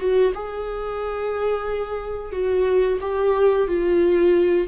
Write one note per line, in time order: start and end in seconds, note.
0.00 0.33 F#4
0.35 2.32 G#4
2.32 2.99 F#4
3.01 3.68 G4
3.68 4.68 F4